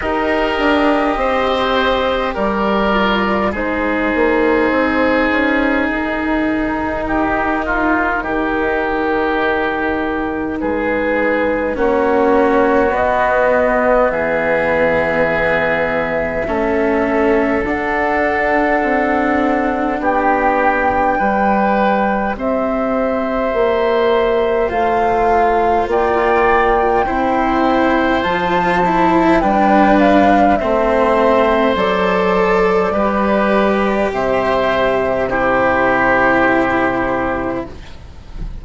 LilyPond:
<<
  \new Staff \with { instrumentName = "flute" } { \time 4/4 \tempo 4 = 51 dis''2 d''4 c''4~ | c''4 ais'2.~ | ais'4 b'4 cis''4 dis''4 | e''2. fis''4~ |
fis''4 g''2 e''4~ | e''4 f''4 g''2 | a''4 g''8 f''8 e''4 d''4~ | d''4 e''4 c''2 | }
  \new Staff \with { instrumentName = "oboe" } { \time 4/4 ais'4 c''4 ais'4 gis'4~ | gis'2 g'8 f'8 g'4~ | g'4 gis'4 fis'2 | gis'2 a'2~ |
a'4 g'4 b'4 c''4~ | c''2 d''4 c''4~ | c''4 b'4 c''2 | b'4 c''4 g'2 | }
  \new Staff \with { instrumentName = "cello" } { \time 4/4 g'2~ g'8 f'8 dis'4~ | dis'1~ | dis'2 cis'4 b4~ | b2 cis'4 d'4~ |
d'2 g'2~ | g'4 f'2 e'4 | f'8 e'8 d'4 c'4 a'4 | g'2 e'2 | }
  \new Staff \with { instrumentName = "bassoon" } { \time 4/4 dis'8 d'8 c'4 g4 gis8 ais8 | c'8 cis'8 dis'2 dis4~ | dis4 gis4 ais4 b4 | e2 a4 d'4 |
c'4 b4 g4 c'4 | ais4 a4 ais4 c'4 | f4 g4 a4 fis4 | g4 c2. | }
>>